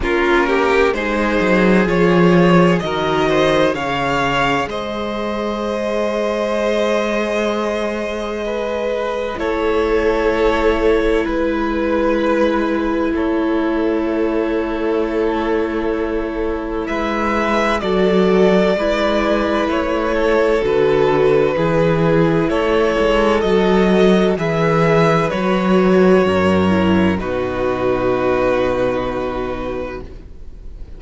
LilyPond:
<<
  \new Staff \with { instrumentName = "violin" } { \time 4/4 \tempo 4 = 64 ais'4 c''4 cis''4 dis''4 | f''4 dis''2.~ | dis''2 cis''2 | b'2 cis''2~ |
cis''2 e''4 d''4~ | d''4 cis''4 b'2 | cis''4 dis''4 e''4 cis''4~ | cis''4 b'2. | }
  \new Staff \with { instrumentName = "violin" } { \time 4/4 f'8 g'8 gis'2 ais'8 c''8 | cis''4 c''2.~ | c''4 b'4 a'2 | b'2 a'2~ |
a'2 b'4 a'4 | b'4. a'4. gis'4 | a'2 b'2 | ais'4 fis'2. | }
  \new Staff \with { instrumentName = "viola" } { \time 4/4 cis'4 dis'4 f'4 fis'4 | gis'1~ | gis'2 e'2~ | e'1~ |
e'2. fis'4 | e'2 fis'4 e'4~ | e'4 fis'4 gis'4 fis'4~ | fis'8 e'8 dis'2. | }
  \new Staff \with { instrumentName = "cello" } { \time 4/4 ais4 gis8 fis8 f4 dis4 | cis4 gis2.~ | gis2 a2 | gis2 a2~ |
a2 gis4 fis4 | gis4 a4 d4 e4 | a8 gis8 fis4 e4 fis4 | fis,4 b,2. | }
>>